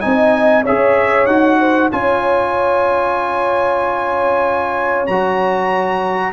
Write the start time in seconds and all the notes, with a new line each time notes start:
0.00 C4 D#4 D#5 G#5
0.63 G#4 C#5 E5
0.69 C#4
1.26 D#4 F#4 F#5
1.59 C5
1.91 C#4 F4 C#5 G#5
5.06 F#3 F#4 A#5